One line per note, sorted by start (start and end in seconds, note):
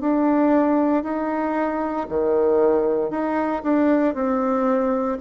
0.00 1.03 D4
1.03 2.06 D#4
2.09 3.10 D#3
3.10 3.62 D#4
3.63 4.14 D4
4.14 5.18 C4